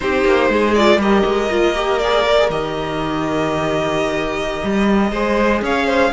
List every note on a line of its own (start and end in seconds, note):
0.00 0.24 C4
0.00 0.76 D#4
0.00 0.51 G4
0.00 0.74 C5
0.24 0.49 A#3
0.49 0.97 G#3
0.49 0.99 G#4
0.74 0.99 F4
0.74 0.99 D5
0.97 1.22 G3
0.97 1.49 G4
0.97 5.11 A#4
0.97 1.98 D#5
1.25 1.49 G#3
1.49 2.49 A#3
1.49 1.74 F4
1.74 1.99 G4
1.98 2.25 G#4
1.98 2.48 D5
2.25 2.37 A#4
2.37 2.50 G#4
2.49 4.62 D#3
2.49 5.13 G4
2.49 5.63 D#5
4.63 5.11 G3
5.11 5.61 G#3
5.11 6.13 G#4
5.11 5.61 C5
5.61 6.11 C#4
5.61 5.86 C#5
5.61 6.13 F5
5.86 6.11 C5